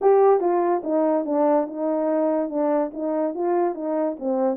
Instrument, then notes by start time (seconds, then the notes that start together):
horn
0.01 G4
0.40 F4
0.83 D#4
1.25 D4
1.67 D#4
2.49 D4
2.93 D#4
3.34 F4
3.75 D#4
4.19 C4